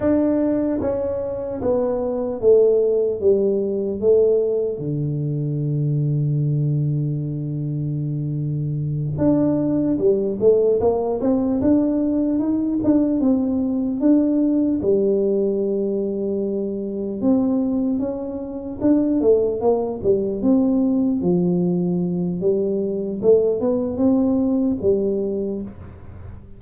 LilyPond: \new Staff \with { instrumentName = "tuba" } { \time 4/4 \tempo 4 = 75 d'4 cis'4 b4 a4 | g4 a4 d2~ | d2.~ d8 d'8~ | d'8 g8 a8 ais8 c'8 d'4 dis'8 |
d'8 c'4 d'4 g4.~ | g4. c'4 cis'4 d'8 | a8 ais8 g8 c'4 f4. | g4 a8 b8 c'4 g4 | }